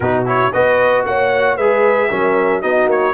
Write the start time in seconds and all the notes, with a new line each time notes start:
0.00 B2 D#4 F#4 B4
0.25 E4 C#5
0.52 B3 F#4 B4 D#5
1.05 A#3 C#5 F#5
1.56 G#3 G#4 B4 E5
2.09 F#3 C#4 A#4
2.61 B3 D#4 F#4 D#5
2.86 A#3 C#5